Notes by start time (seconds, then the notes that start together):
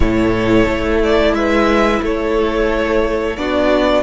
0.00 A2 E4 A4 C#5
0.66 A3
1.03 D5
1.32 G#3 B4 E5
2.02 A3 A4 C#5
3.36 B3 D4 F#4 D5